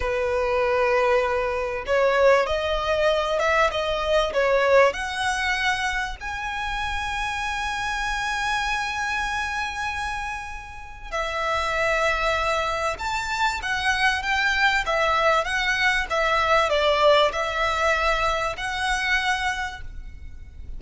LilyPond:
\new Staff \with { instrumentName = "violin" } { \time 4/4 \tempo 4 = 97 b'2. cis''4 | dis''4. e''8 dis''4 cis''4 | fis''2 gis''2~ | gis''1~ |
gis''2 e''2~ | e''4 a''4 fis''4 g''4 | e''4 fis''4 e''4 d''4 | e''2 fis''2 | }